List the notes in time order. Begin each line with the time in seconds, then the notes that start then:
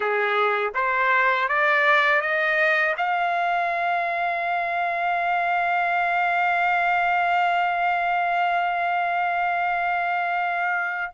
0.00 G#4
0.74 C5
1.48 D5
2.21 D#5
2.97 F5